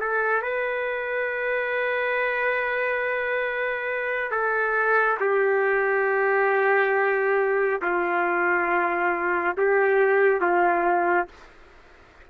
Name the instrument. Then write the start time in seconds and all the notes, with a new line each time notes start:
trumpet
0.00 A4
0.42 B4
4.31 A4
5.20 G4
7.82 F4
9.58 G4
10.41 F4